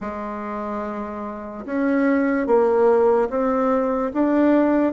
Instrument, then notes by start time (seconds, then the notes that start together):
bassoon
0.00 G#3
1.65 C#4
2.47 A#3
3.29 C4
4.13 D4